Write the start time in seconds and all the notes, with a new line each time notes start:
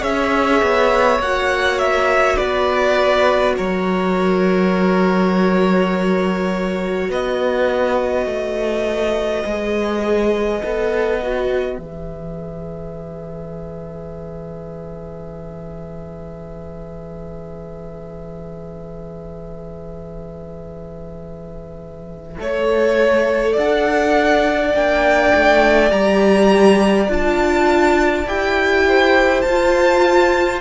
0.00 C#4 G#4 C#5 E5
0.62 B3
1.19 A#3 F#4 F#5
1.79 E5
2.37 B3 B4 D5
3.57 F#3 A#4 C#5
7.10 B3 B4 D#5
8.26 A3
9.43 G#3 G#4
10.63 B3 A4
11.22 F#4
11.77 E3 G#4 E5
22.38 A3 A4 C#5
23.53 D4 D5 F#5
24.74 A#3 D4 G5
25.34 A3
25.90 G3 G4 A#5
27.08 D4 F4 A5
28.26 E4 G4 G5
28.87 C5
29.42 F4 A5
29.49 F4